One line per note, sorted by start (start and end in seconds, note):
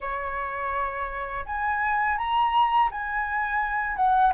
0.00 1.45 C#5
1.45 2.17 G#5
2.17 2.89 A#5
2.91 3.96 G#5
3.96 4.32 F#5